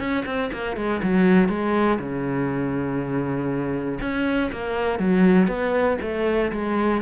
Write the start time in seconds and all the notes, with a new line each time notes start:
0.00 C#4
0.26 C4
0.53 A#3
0.77 G#3
1.03 F#3
1.49 G#3
2.00 C#3
4.01 C#4
4.52 A#3
5.00 F#3
5.48 B3
6.02 A3
6.52 G#3